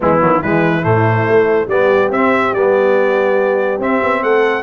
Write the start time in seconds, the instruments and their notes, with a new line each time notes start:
0.00 tuba E3, trombone G#3, horn B3, trumpet E4
0.20 tuba D#3, trombone F#3
0.40 tuba E3, trombone G#3, horn E4, trumpet B4
0.82 tuba A2, trombone A3, trumpet C5
1.28 tuba A3
1.66 tuba G3, trombone B3, horn G4, trumpet D5
2.10 tuba C4, trombone C4, trumpet E5
2.52 tuba G3, trombone B3, trumpet D5
3.78 tuba C4, trombone C4, trumpet E5
4.02 tuba B3
4.22 tuba A3, horn A4, trumpet F#5